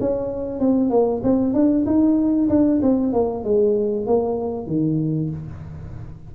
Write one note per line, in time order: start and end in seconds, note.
0.00 0.60 C#4
0.60 0.90 C4
0.90 1.21 A#3
1.23 1.53 C4
1.53 1.85 D4
1.86 2.49 D#4
2.49 2.81 D4
2.82 3.13 C4
3.13 3.44 A#3
3.44 4.07 G#3
4.07 4.67 A#3
4.67 5.30 D#3